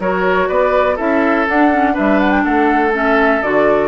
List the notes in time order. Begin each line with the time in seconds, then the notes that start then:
0.00 F#3 F#4 A#4 C#5
0.48 B3 B4 D5
0.96 C#4 E4 A4 E5
1.48 D4 F#5
1.72 C#4
1.93 G3 D4 B4 E5
2.20 F#5
2.31 G5
2.44 A3 A4 F#5
2.93 C#4 E5
3.42 D3 F#4 D5